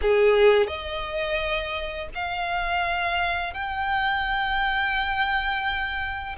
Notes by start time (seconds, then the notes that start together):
0.01 G#4
0.67 D#5
2.14 F5
3.53 G5